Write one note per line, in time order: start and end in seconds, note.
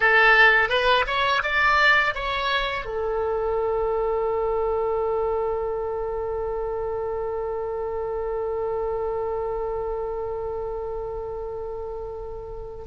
0.00 0.69 A4
0.69 1.04 B4
1.06 1.42 C#5
1.42 2.14 D5
2.14 2.85 C#5
2.85 12.85 A4